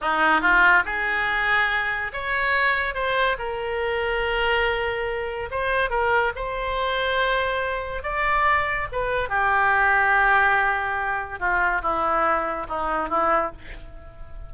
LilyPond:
\new Staff \with { instrumentName = "oboe" } { \time 4/4 \tempo 4 = 142 dis'4 f'4 gis'2~ | gis'4 cis''2 c''4 | ais'1~ | ais'4 c''4 ais'4 c''4~ |
c''2. d''4~ | d''4 b'4 g'2~ | g'2. f'4 | e'2 dis'4 e'4 | }